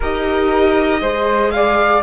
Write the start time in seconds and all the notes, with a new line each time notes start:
0.00 D#4 G4 A#4 D#5
1.01 G#3 G#4 C5
1.51 D5 F5